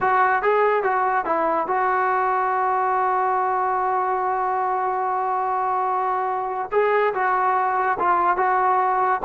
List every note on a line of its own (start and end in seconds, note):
0.00 0.42 F#4
0.42 0.83 G#4
0.83 1.25 F#4
1.25 1.67 E4
1.67 6.70 F#4
6.71 7.13 G#4
7.14 7.98 F#4
7.99 8.36 F4
8.36 9.20 F#4